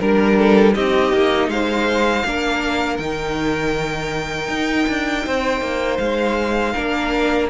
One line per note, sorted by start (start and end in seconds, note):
0.00 0.75 G3
0.00 0.73 D4
0.00 0.38 A#4
0.00 0.75 A#4
0.38 0.75 A4
0.73 1.13 C4
0.73 2.23 D#4
0.73 1.50 G4
0.73 1.50 D#5
1.13 1.48 A#3
1.48 2.23 G#3
1.48 2.27 C5
1.48 2.98 F5
2.25 2.98 A#3
2.25 3.01 D4
2.25 5.26 A#4
2.98 4.48 D#3
2.98 6.75 D#4
2.98 5.98 G5
4.48 4.86 D#4
4.88 5.26 D4
5.26 5.61 C4
5.26 6.73 C5
5.61 5.98 A#3
5.98 6.74 G#3
5.98 7.48 F5
6.73 7.50 A#3
6.73 7.50 D4
6.73 7.48 A#4